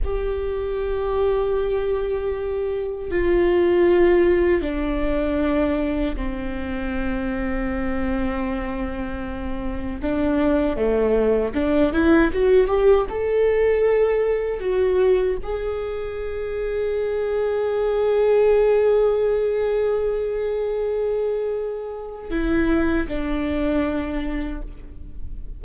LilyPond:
\new Staff \with { instrumentName = "viola" } { \time 4/4 \tempo 4 = 78 g'1 | f'2 d'2 | c'1~ | c'4 d'4 a4 d'8 e'8 |
fis'8 g'8 a'2 fis'4 | gis'1~ | gis'1~ | gis'4 e'4 d'2 | }